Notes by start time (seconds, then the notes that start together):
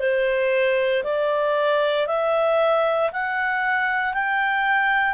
0.00 C5
1.04 D5
2.07 E5
3.13 F#5
4.14 G5